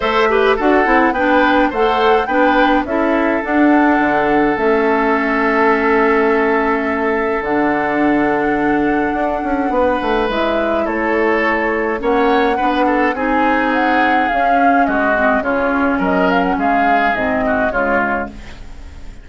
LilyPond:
<<
  \new Staff \with { instrumentName = "flute" } { \time 4/4 \tempo 4 = 105 e''4 fis''4 g''4 fis''4 | g''4 e''4 fis''2 | e''1~ | e''4 fis''2.~ |
fis''2 e''4 cis''4~ | cis''4 fis''2 gis''4 | fis''4 f''4 dis''4 cis''4 | dis''8 f''16 fis''16 f''4 dis''4 cis''4 | }
  \new Staff \with { instrumentName = "oboe" } { \time 4/4 c''8 b'8 a'4 b'4 c''4 | b'4 a'2.~ | a'1~ | a'1~ |
a'4 b'2 a'4~ | a'4 cis''4 b'8 a'8 gis'4~ | gis'2 fis'4 f'4 | ais'4 gis'4. fis'8 f'4 | }
  \new Staff \with { instrumentName = "clarinet" } { \time 4/4 a'8 g'8 fis'8 e'8 d'4 a'4 | d'4 e'4 d'2 | cis'1~ | cis'4 d'2.~ |
d'2 e'2~ | e'4 cis'4 d'4 dis'4~ | dis'4 cis'4. c'8 cis'4~ | cis'2 c'4 gis4 | }
  \new Staff \with { instrumentName = "bassoon" } { \time 4/4 a4 d'8 c'8 b4 a4 | b4 cis'4 d'4 d4 | a1~ | a4 d2. |
d'8 cis'8 b8 a8 gis4 a4~ | a4 ais4 b4 c'4~ | c'4 cis'4 gis4 cis4 | fis4 gis4 gis,4 cis4 | }
>>